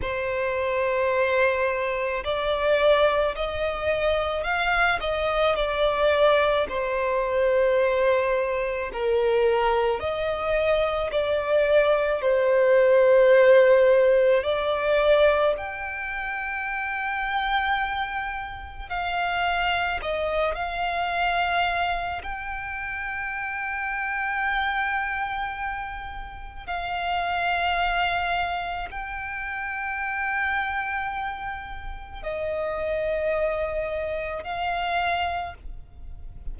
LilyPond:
\new Staff \with { instrumentName = "violin" } { \time 4/4 \tempo 4 = 54 c''2 d''4 dis''4 | f''8 dis''8 d''4 c''2 | ais'4 dis''4 d''4 c''4~ | c''4 d''4 g''2~ |
g''4 f''4 dis''8 f''4. | g''1 | f''2 g''2~ | g''4 dis''2 f''4 | }